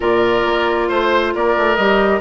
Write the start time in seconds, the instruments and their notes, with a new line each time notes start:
0.00 bassoon A#2, clarinet F4, oboe A#4, flute D5
0.45 bassoon A#3
0.88 bassoon A3, oboe C5, flute C5
1.34 bassoon A#3, oboe A#4, flute D5
1.57 bassoon A3
1.76 bassoon G3, clarinet G4, flute D#5